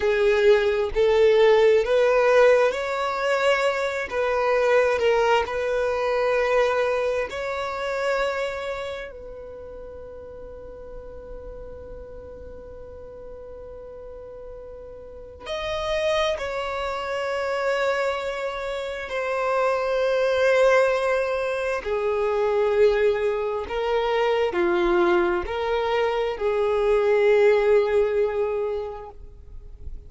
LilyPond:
\new Staff \with { instrumentName = "violin" } { \time 4/4 \tempo 4 = 66 gis'4 a'4 b'4 cis''4~ | cis''8 b'4 ais'8 b'2 | cis''2 b'2~ | b'1~ |
b'4 dis''4 cis''2~ | cis''4 c''2. | gis'2 ais'4 f'4 | ais'4 gis'2. | }